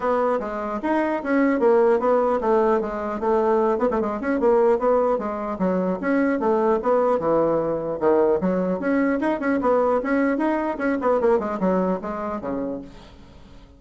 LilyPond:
\new Staff \with { instrumentName = "bassoon" } { \time 4/4 \tempo 4 = 150 b4 gis4 dis'4 cis'4 | ais4 b4 a4 gis4 | a4. b16 a16 gis8 cis'8 ais4 | b4 gis4 fis4 cis'4 |
a4 b4 e2 | dis4 fis4 cis'4 dis'8 cis'8 | b4 cis'4 dis'4 cis'8 b8 | ais8 gis8 fis4 gis4 cis4 | }